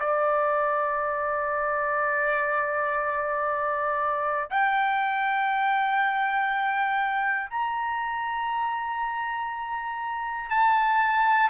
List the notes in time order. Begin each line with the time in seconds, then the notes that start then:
0.00 D5
4.50 G5
7.50 A#5
10.50 A5